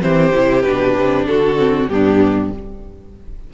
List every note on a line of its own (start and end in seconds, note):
0.00 0.33 E3
0.00 0.31 C4
0.00 1.28 G4
0.00 0.62 C5
0.33 0.64 C3
0.33 0.65 E4
0.62 0.96 B2
0.62 1.58 D4
0.62 1.25 B4
0.97 1.26 C3
1.26 1.89 D3
1.26 1.91 F#4
1.26 1.89 A4
1.58 1.89 C4
1.89 2.51 G2
1.89 2.53 B3
1.89 2.54 D4
1.89 2.51 G4